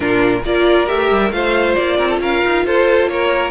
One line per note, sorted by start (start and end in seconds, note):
0.00 0.43 A#2
0.00 0.41 D4
0.00 0.42 F4
0.00 0.44 A#4
0.44 0.88 A#3
0.44 0.86 F4
0.44 1.34 A#4
0.44 0.88 D5
0.86 1.11 A3
0.86 1.30 G4
0.86 1.31 E5
1.11 1.30 G3
1.30 1.75 A3
1.30 3.50 F4
1.30 1.97 C5
1.30 1.75 F5
1.75 1.98 A#3
1.75 2.19 D5
1.97 2.19 C4
1.97 2.08 A#4
2.09 2.20 A4
2.19 2.41 C#4
2.19 2.65 A#4
2.19 2.66 F5
2.44 2.65 D#4
2.65 3.06 F4
2.65 3.10 A4
2.65 3.09 C5
3.06 3.50 A#3
3.06 3.50 A#4
3.06 3.50 C#5